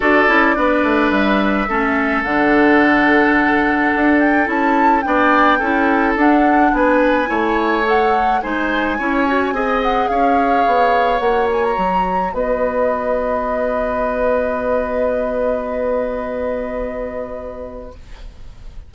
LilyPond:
<<
  \new Staff \with { instrumentName = "flute" } { \time 4/4 \tempo 4 = 107 d''2 e''2 | fis''2.~ fis''8 g''8 | a''4 g''2 fis''4 | gis''2 fis''4 gis''4~ |
gis''4. fis''8 f''2 | fis''8 gis''16 ais''4~ ais''16 dis''2~ | dis''1~ | dis''1 | }
  \new Staff \with { instrumentName = "oboe" } { \time 4/4 a'4 b'2 a'4~ | a'1~ | a'4 d''4 a'2 | b'4 cis''2 c''4 |
cis''4 dis''4 cis''2~ | cis''2 b'2~ | b'1~ | b'1 | }
  \new Staff \with { instrumentName = "clarinet" } { \time 4/4 fis'8 e'8 d'2 cis'4 | d'1 | e'4 d'4 e'4 d'4~ | d'4 e'4 a'4 dis'4 |
e'8 fis'8 gis'2. | fis'1~ | fis'1~ | fis'1 | }
  \new Staff \with { instrumentName = "bassoon" } { \time 4/4 d'8 cis'8 b8 a8 g4 a4 | d2. d'4 | cis'4 b4 cis'4 d'4 | b4 a2 gis4 |
cis'4 c'4 cis'4 b4 | ais4 fis4 b2~ | b1~ | b1 | }
>>